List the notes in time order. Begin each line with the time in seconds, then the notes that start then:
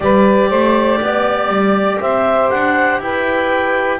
0.00 G3 G4 B4 D5
0.49 A3 C5
1.01 B3 D5
1.48 G3
2.00 C4 C5 E5
2.50 D4 F#5
2.99 E4 B4 G5